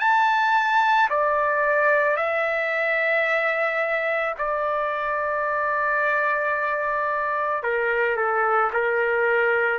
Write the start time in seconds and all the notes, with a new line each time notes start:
0.00 A5
1.10 D5
2.17 E5
4.38 D5
7.63 A#4
8.17 A4
8.73 A#4